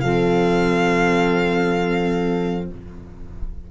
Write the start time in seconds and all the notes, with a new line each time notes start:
0.00 F3 C4 A4 F5